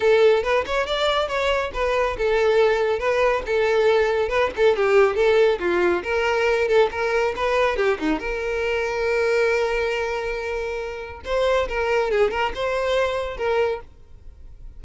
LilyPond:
\new Staff \with { instrumentName = "violin" } { \time 4/4 \tempo 4 = 139 a'4 b'8 cis''8 d''4 cis''4 | b'4 a'2 b'4 | a'2 b'8 a'8 g'4 | a'4 f'4 ais'4. a'8 |
ais'4 b'4 g'8 dis'8 ais'4~ | ais'1~ | ais'2 c''4 ais'4 | gis'8 ais'8 c''2 ais'4 | }